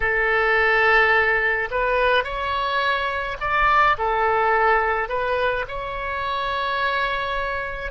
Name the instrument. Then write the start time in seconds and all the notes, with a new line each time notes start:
oboe
0.00 A4
1.70 B4
2.24 C#5
3.40 D5
3.97 A4
5.08 B4
5.68 C#5